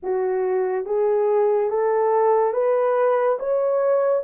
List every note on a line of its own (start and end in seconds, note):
0.02 0.85 F#4
0.85 1.70 G#4
1.70 2.53 A4
2.53 3.38 B4
3.39 4.23 C#5